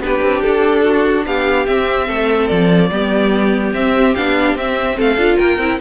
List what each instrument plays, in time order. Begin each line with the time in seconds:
0.00 cello B3, viola D4, violin G4 B4
0.22 cello C4
0.42 cello D4, violin A4
0.85 violin F#4
1.27 cello B3, violin G4 F5
1.66 viola C4, cello C4, violin E5
2.08 cello A3, violin A4
2.48 cello F3, violin D5
2.91 cello G3, viola B3, violin G4
3.73 cello C4, viola C4, violin E5
4.15 cello B3, viola D4, violin F5
4.56 cello C4, viola C4, violin E5
4.97 cello A3, violin A4 F5
5.17 cello D4, viola F4
5.38 cello A#3, violin A#4 G5
5.58 cello C4, viola E4